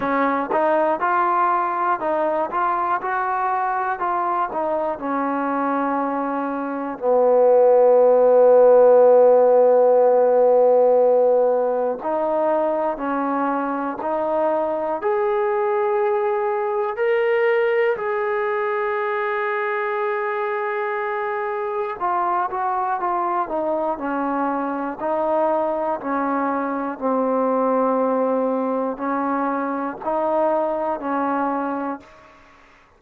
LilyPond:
\new Staff \with { instrumentName = "trombone" } { \time 4/4 \tempo 4 = 60 cis'8 dis'8 f'4 dis'8 f'8 fis'4 | f'8 dis'8 cis'2 b4~ | b1 | dis'4 cis'4 dis'4 gis'4~ |
gis'4 ais'4 gis'2~ | gis'2 f'8 fis'8 f'8 dis'8 | cis'4 dis'4 cis'4 c'4~ | c'4 cis'4 dis'4 cis'4 | }